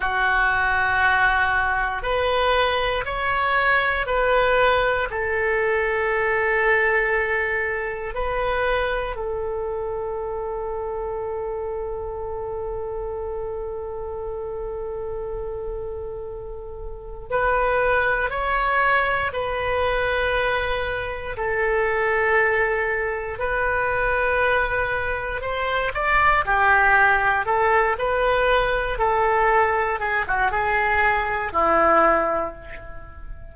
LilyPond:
\new Staff \with { instrumentName = "oboe" } { \time 4/4 \tempo 4 = 59 fis'2 b'4 cis''4 | b'4 a'2. | b'4 a'2.~ | a'1~ |
a'4 b'4 cis''4 b'4~ | b'4 a'2 b'4~ | b'4 c''8 d''8 g'4 a'8 b'8~ | b'8 a'4 gis'16 fis'16 gis'4 e'4 | }